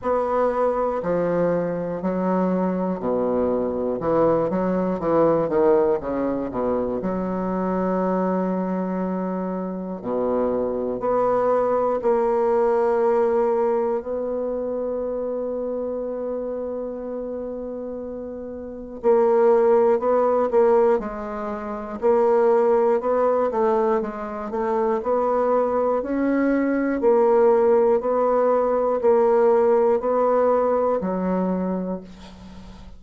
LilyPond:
\new Staff \with { instrumentName = "bassoon" } { \time 4/4 \tempo 4 = 60 b4 f4 fis4 b,4 | e8 fis8 e8 dis8 cis8 b,8 fis4~ | fis2 b,4 b4 | ais2 b2~ |
b2. ais4 | b8 ais8 gis4 ais4 b8 a8 | gis8 a8 b4 cis'4 ais4 | b4 ais4 b4 fis4 | }